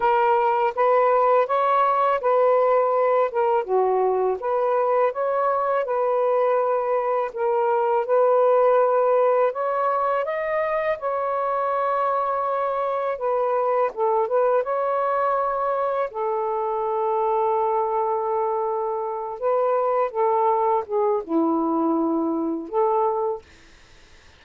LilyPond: \new Staff \with { instrumentName = "saxophone" } { \time 4/4 \tempo 4 = 82 ais'4 b'4 cis''4 b'4~ | b'8 ais'8 fis'4 b'4 cis''4 | b'2 ais'4 b'4~ | b'4 cis''4 dis''4 cis''4~ |
cis''2 b'4 a'8 b'8 | cis''2 a'2~ | a'2~ a'8 b'4 a'8~ | a'8 gis'8 e'2 a'4 | }